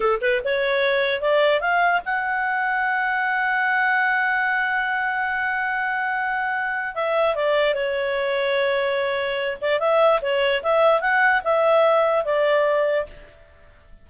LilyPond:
\new Staff \with { instrumentName = "clarinet" } { \time 4/4 \tempo 4 = 147 a'8 b'8 cis''2 d''4 | f''4 fis''2.~ | fis''1~ | fis''1~ |
fis''4 e''4 d''4 cis''4~ | cis''2.~ cis''8 d''8 | e''4 cis''4 e''4 fis''4 | e''2 d''2 | }